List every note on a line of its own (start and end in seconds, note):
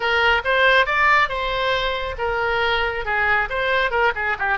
0.00 0.42 A#4
0.44 0.85 C5
0.85 1.28 D5
1.28 2.15 C5
2.18 3.05 A#4
3.05 3.48 G#4
3.49 3.90 C5
3.90 4.12 A#4
4.15 4.37 G#4
4.38 4.58 G4